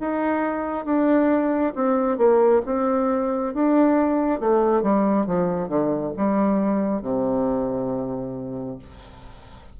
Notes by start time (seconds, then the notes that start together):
0.00 D#4
0.85 D4
1.75 C4
2.18 A#3
2.66 C4
3.54 D4
4.40 A3
4.82 G3
5.27 F3
5.68 D3
6.17 G3
7.02 C3